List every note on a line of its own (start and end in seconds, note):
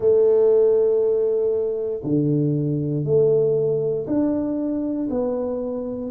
0.00 2.01 A3
2.03 3.04 D3
3.04 4.05 A3
4.06 5.08 D4
5.09 6.10 B3